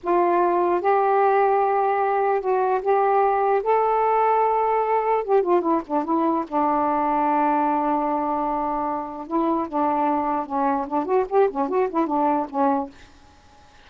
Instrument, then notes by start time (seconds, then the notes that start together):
saxophone
0.03 F4
0.81 G4
2.40 F#4
2.81 G4
3.63 A4
5.24 G4
5.42 F4
5.61 E4
5.87 D4
6.04 E4
6.47 D4
9.27 E4
9.68 D4
10.46 C#4
10.87 D4
11.05 F#4
11.29 G4
11.50 C#4
11.68 F#4
11.89 E4
12.06 D4
12.49 C#4